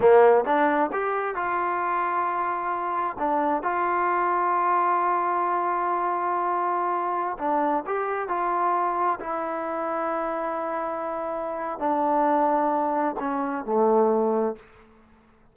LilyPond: \new Staff \with { instrumentName = "trombone" } { \time 4/4 \tempo 4 = 132 ais4 d'4 g'4 f'4~ | f'2. d'4 | f'1~ | f'1~ |
f'16 d'4 g'4 f'4.~ f'16~ | f'16 e'2.~ e'8.~ | e'2 d'2~ | d'4 cis'4 a2 | }